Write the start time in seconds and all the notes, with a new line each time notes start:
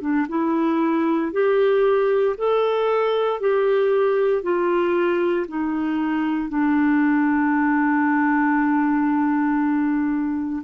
0.00 D4
0.28 E4
1.32 G4
2.37 A4
3.39 G4
4.42 F4
5.47 D#4
6.48 D4